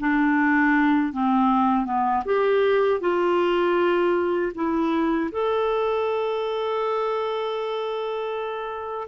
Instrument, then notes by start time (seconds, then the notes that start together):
clarinet
0.00 D4
1.13 C4
1.85 B3
2.25 G4
3.00 F4
4.55 E4
5.32 A4